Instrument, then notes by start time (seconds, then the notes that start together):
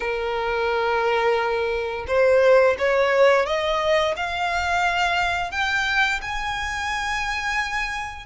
violin
0.00 A#4
2.07 C5
2.78 C#5
3.45 D#5
4.16 F5
5.51 G5
6.21 G#5